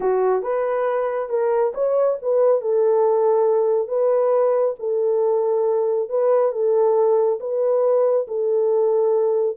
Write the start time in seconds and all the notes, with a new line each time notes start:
0.00 F#4
0.42 B4
1.29 A#4
1.74 C#5
2.22 B4
2.61 A4
3.87 B4
4.79 A4
6.09 B4
6.52 A4
7.40 B4
8.27 A4